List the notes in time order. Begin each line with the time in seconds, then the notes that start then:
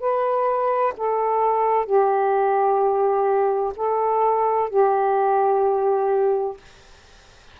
0.00 B4
0.98 A4
1.86 G4
3.77 A4
4.70 G4